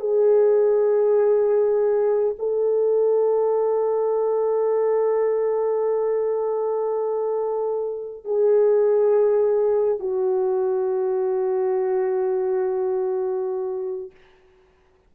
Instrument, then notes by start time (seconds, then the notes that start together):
horn
0.00 G#4
2.39 A4
8.25 G#4
9.99 F#4